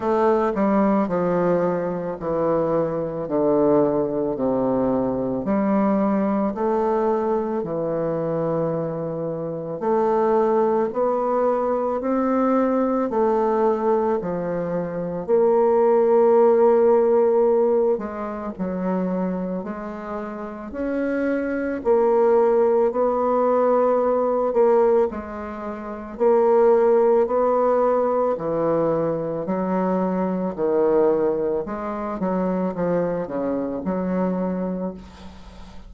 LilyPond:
\new Staff \with { instrumentName = "bassoon" } { \time 4/4 \tempo 4 = 55 a8 g8 f4 e4 d4 | c4 g4 a4 e4~ | e4 a4 b4 c'4 | a4 f4 ais2~ |
ais8 gis8 fis4 gis4 cis'4 | ais4 b4. ais8 gis4 | ais4 b4 e4 fis4 | dis4 gis8 fis8 f8 cis8 fis4 | }